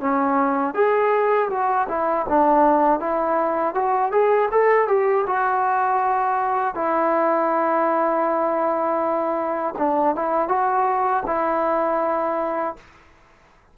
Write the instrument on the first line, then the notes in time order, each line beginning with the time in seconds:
trombone
0.00 C#4
0.74 G#4
1.50 F#4
1.89 E4
2.29 D4
3.00 E4
3.74 F#4
4.11 G#4
4.51 A4
4.88 G4
5.27 F#4
6.75 E4
9.78 D4
10.15 E4
10.48 F#4
11.26 E4